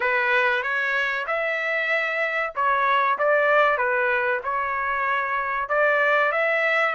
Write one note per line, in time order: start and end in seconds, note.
0.00 0.63 B4
0.63 1.26 C#5
1.26 2.53 E5
2.55 3.18 C#5
3.18 3.77 D5
3.77 4.40 B4
4.43 5.68 C#5
5.68 6.32 D5
6.32 6.95 E5